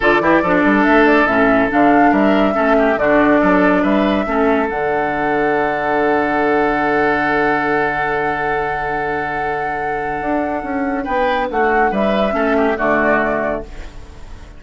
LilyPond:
<<
  \new Staff \with { instrumentName = "flute" } { \time 4/4 \tempo 4 = 141 d''2 e''8 d''8 e''4 | f''4 e''2 d''4~ | d''4 e''2 fis''4~ | fis''1~ |
fis''1~ | fis''1~ | fis''2 g''4 fis''4 | e''2 d''2 | }
  \new Staff \with { instrumentName = "oboe" } { \time 4/4 a'8 g'8 a'2.~ | a'4 ais'4 a'8 g'8 fis'4 | a'4 b'4 a'2~ | a'1~ |
a'1~ | a'1~ | a'2 b'4 fis'4 | b'4 a'8 g'8 fis'2 | }
  \new Staff \with { instrumentName = "clarinet" } { \time 4/4 f'8 e'8 d'2 cis'4 | d'2 cis'4 d'4~ | d'2 cis'4 d'4~ | d'1~ |
d'1~ | d'1~ | d'1~ | d'4 cis'4 a2 | }
  \new Staff \with { instrumentName = "bassoon" } { \time 4/4 d8 e8 f8 g8 a4 a,4 | d4 g4 a4 d4 | fis4 g4 a4 d4~ | d1~ |
d1~ | d1 | d'4 cis'4 b4 a4 | g4 a4 d2 | }
>>